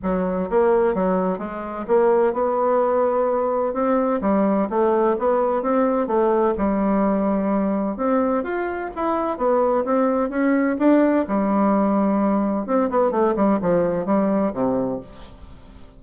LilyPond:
\new Staff \with { instrumentName = "bassoon" } { \time 4/4 \tempo 4 = 128 fis4 ais4 fis4 gis4 | ais4 b2. | c'4 g4 a4 b4 | c'4 a4 g2~ |
g4 c'4 f'4 e'4 | b4 c'4 cis'4 d'4 | g2. c'8 b8 | a8 g8 f4 g4 c4 | }